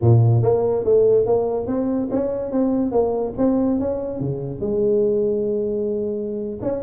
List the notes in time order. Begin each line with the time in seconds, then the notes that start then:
0.01 A#2
0.42 A#3
0.84 A3
1.26 A#3
1.66 C4
2.11 C#4
2.51 C4
2.91 A#3
3.37 C4
3.79 C#4
4.20 C#3
4.60 G#3
6.62 C#4